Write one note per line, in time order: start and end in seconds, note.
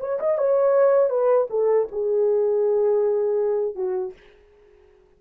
0.00 0.19 C#5
0.20 0.38 D#5
0.38 1.09 C#5
1.09 1.47 B4
1.50 1.88 A4
1.91 3.75 G#4
3.75 4.13 F#4